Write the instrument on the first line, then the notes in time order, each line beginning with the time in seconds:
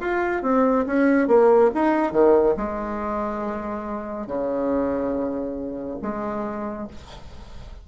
bassoon
0.00 F4
0.42 C4
0.86 C#4
1.28 A#3
1.75 D#4
2.12 D#3
2.57 G#3
4.27 C#3
6.02 G#3